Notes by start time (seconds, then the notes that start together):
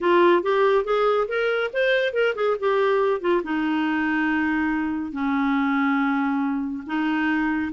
0.00 F4
0.42 G4
0.84 G#4
1.28 A#4
1.73 C5
2.13 A#4
2.35 G#4
2.59 G4
3.20 F4
3.43 D#4
5.12 C#4
6.86 D#4